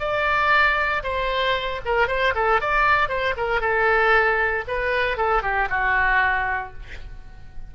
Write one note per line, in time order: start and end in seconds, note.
0.00 1.03 D5
1.04 1.81 C5
1.86 2.08 A#4
2.08 2.34 C5
2.36 2.61 A4
2.61 3.09 D5
3.09 3.35 C5
3.37 3.61 A#4
3.61 4.65 A4
4.68 5.18 B4
5.18 5.43 A4
5.43 5.69 G4
5.70 6.74 F#4